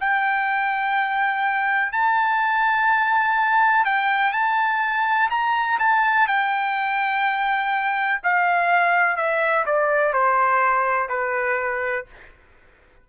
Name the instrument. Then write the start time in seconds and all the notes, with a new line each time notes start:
trumpet
0.00 G5
1.92 A5
3.85 G5
4.32 A5
5.30 A#5
5.79 A5
6.27 G5
8.23 F5
9.16 E5
9.66 D5
10.13 C5
11.09 B4